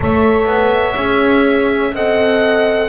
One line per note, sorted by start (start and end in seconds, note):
0.00 0.46 A3
0.00 0.96 A4
0.00 1.92 C#5
0.00 1.95 E5
0.46 0.95 B3
0.96 1.93 C#4
0.96 1.93 G#4
1.93 2.89 C4
1.93 2.89 A4
1.93 2.89 D#5
1.93 2.89 F#5